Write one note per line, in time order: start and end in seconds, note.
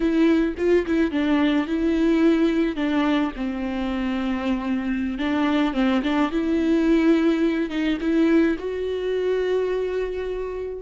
0.00 0.55 E4
0.57 0.85 F4
0.86 1.11 E4
1.11 1.66 D4
1.66 2.76 E4
2.76 3.32 D4
3.36 5.18 C4
5.18 5.73 D4
5.73 6.02 C4
6.03 6.31 D4
6.31 7.70 E4
7.70 7.98 D#4
8.01 8.57 E4
8.58 10.81 F#4